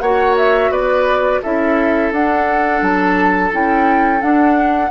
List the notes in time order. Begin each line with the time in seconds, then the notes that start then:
0.00 A#3 F#4 C#5 F#5
0.37 E5
0.70 B3 B4 D5
1.43 C#4 E4 A4 E5
2.12 D4 F#5
2.82 F#3 A5
3.52 C#4 E4 G5
4.20 D4 F#5